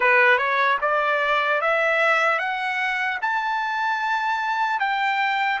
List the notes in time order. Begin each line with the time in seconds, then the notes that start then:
0.00 B4
0.37 C#5
0.81 D5
1.61 E5
2.38 F#5
3.21 A5
4.79 G5